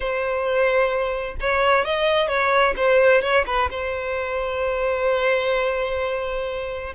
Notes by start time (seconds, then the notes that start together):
0.00 C5
1.40 C#5
1.84 D#5
2.28 C#5
2.76 C5
3.21 C#5
3.46 B4
3.70 C5